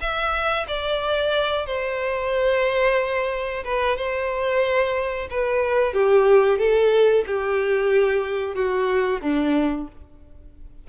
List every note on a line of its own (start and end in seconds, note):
0.00 0.66 E5
0.67 1.66 D5
1.66 3.64 C5
3.64 3.96 B4
3.96 5.28 C5
5.30 5.93 B4
5.93 6.58 G4
6.58 7.24 A4
7.26 8.55 G4
8.55 9.21 F#4
9.21 9.87 D4